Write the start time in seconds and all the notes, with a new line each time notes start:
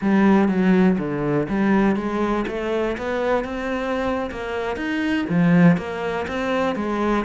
0.01 G3
0.48 F#3
0.98 D3
1.48 G3
1.96 G#3
2.47 A3
2.97 B3
3.44 C4
4.30 A#3
4.76 D#4
5.29 F3
5.77 A#3
6.27 C4
6.75 G#3